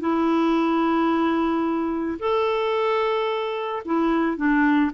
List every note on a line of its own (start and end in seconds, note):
0.00 2.18 E4
2.19 3.83 A4
3.85 4.37 E4
4.37 4.91 D4